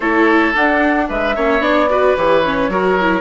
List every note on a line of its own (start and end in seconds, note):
0.00 0.54 A3
0.00 0.54 E4
0.00 1.05 A4
0.00 0.54 C#5
0.54 1.35 D4
0.54 1.09 D4
0.54 1.08 F#5
1.08 1.36 G#3
1.08 1.35 B4
1.08 1.62 E5
1.35 1.59 A#3
1.35 1.60 C#4
1.35 1.89 C#5
1.59 2.14 B3
1.59 1.87 D4
1.59 2.16 D5
1.89 2.16 F#4
1.89 2.71 B4
2.16 2.68 E3
2.16 2.43 G4
2.16 3.21 C#5
2.44 2.71 C#4
2.68 3.21 F#3
2.68 2.98 F#4
2.68 3.21 A#4
3.00 3.21 E4